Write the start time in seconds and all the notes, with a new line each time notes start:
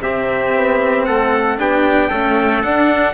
0.00 C3 C4 G4 E5
0.55 B3
1.06 A3 A4 F#5
1.58 B3 D4 G4 G5
2.10 A3 C#4 A4
2.63 D4 F#5